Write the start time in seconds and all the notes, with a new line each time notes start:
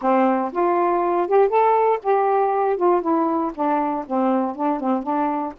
0.01 C4
0.52 F4
1.27 G4
1.48 A4
2.03 G4
2.76 F4
3.01 E4
3.54 D4
4.06 C4
4.55 D4
4.80 C4
5.03 D4